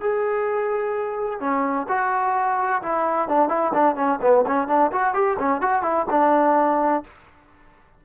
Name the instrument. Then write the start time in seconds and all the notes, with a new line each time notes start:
trombone
0.00 G#4
1.40 C#4
1.88 F#4
2.82 E4
3.28 D4
3.49 E4
3.74 D4
3.95 C#4
4.21 B3
4.46 C#4
4.67 D4
4.92 F#4
5.13 G4
5.39 C#4
5.61 F#4
5.82 E4
6.10 D4